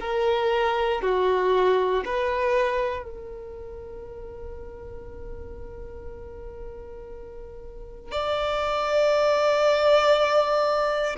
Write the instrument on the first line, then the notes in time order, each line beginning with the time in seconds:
violin
0.00 A#4
1.02 F#4
2.05 B4
3.03 A#4
8.11 D5